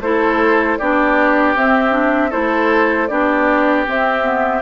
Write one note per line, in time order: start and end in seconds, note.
0.00 0.77 A3
0.00 0.79 E4
0.00 0.78 A4
0.00 0.77 C5
0.77 1.55 B3
0.77 1.56 D4
0.77 2.29 G4
0.77 1.54 D5
1.55 2.32 C4
1.55 1.91 C4
1.55 2.32 E5
1.91 2.29 D4
2.29 3.09 A3
2.29 3.08 E4
2.29 3.06 A4
2.29 3.07 C5
3.07 3.86 B3
3.07 3.86 D4
3.07 4.61 G4
3.07 3.84 D5
3.86 4.23 C4
3.86 4.61 C4
3.86 4.61 E5
4.23 4.61 B3